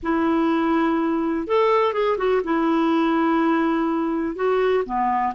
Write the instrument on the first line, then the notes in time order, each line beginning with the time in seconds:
clarinet
0.02 E4
1.47 A4
1.93 G#4
2.17 F#4
2.44 E4
4.35 F#4
4.85 B3